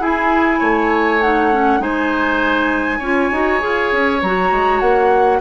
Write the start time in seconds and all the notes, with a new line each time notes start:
0.00 E4 G#4 G#5
0.60 A3 C#5
1.22 D#4 F#5
1.53 C#4
1.80 G#3 D#4 C5 G#5
2.99 C#4 F4 C#5
3.32 D#4 F#4
3.60 F4 G#4
3.93 C#4
4.22 F#3 F#4 A#5
4.52 G#3
4.80 A#3 F#5